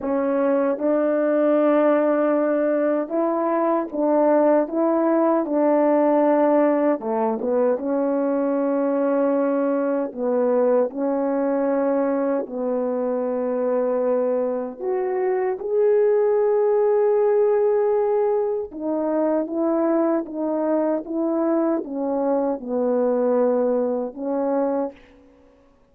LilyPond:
\new Staff \with { instrumentName = "horn" } { \time 4/4 \tempo 4 = 77 cis'4 d'2. | e'4 d'4 e'4 d'4~ | d'4 a8 b8 cis'2~ | cis'4 b4 cis'2 |
b2. fis'4 | gis'1 | dis'4 e'4 dis'4 e'4 | cis'4 b2 cis'4 | }